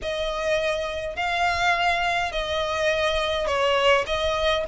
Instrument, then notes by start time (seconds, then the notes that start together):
violin
0.02 D#5
1.15 F5
2.32 D#5
3.46 C#5
4.06 D#5